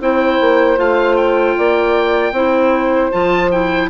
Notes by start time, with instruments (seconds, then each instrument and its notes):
0.00 bassoon C4, clarinet E4, saxophone C5, oboe G5
0.41 bassoon A#3
0.77 bassoon A3, clarinet F4, oboe F5
1.16 oboe G5
1.56 bassoon A#3, saxophone D5
2.31 bassoon C4, clarinet E4, saxophone C5
3.12 bassoon F3, clarinet F4, oboe A5
3.51 clarinet E4, oboe G5